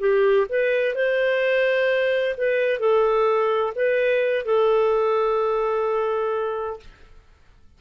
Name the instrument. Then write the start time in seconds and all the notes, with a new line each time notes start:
clarinet
0.00 G4
0.49 B4
0.95 C5
2.38 B4
2.80 A4
3.76 B4
4.46 A4